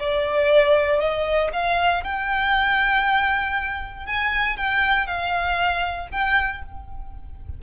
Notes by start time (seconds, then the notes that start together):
0.00 D5
1.00 D#5
1.53 F5
2.04 G5
4.07 G#5
4.57 G5
5.07 F5
6.12 G5